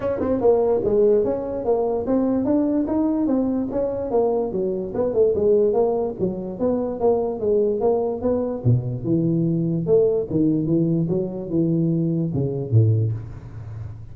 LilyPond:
\new Staff \with { instrumentName = "tuba" } { \time 4/4 \tempo 4 = 146 cis'8 c'8 ais4 gis4 cis'4 | ais4 c'4 d'4 dis'4 | c'4 cis'4 ais4 fis4 | b8 a8 gis4 ais4 fis4 |
b4 ais4 gis4 ais4 | b4 b,4 e2 | a4 dis4 e4 fis4 | e2 cis4 a,4 | }